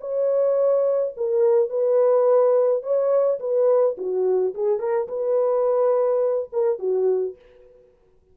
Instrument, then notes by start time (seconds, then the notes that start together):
horn
0.00 C#5
1.17 A#4
1.69 B4
2.83 C#5
3.39 B4
3.97 F#4
4.54 G#4
4.79 A#4
5.07 B4
6.52 A#4
6.79 F#4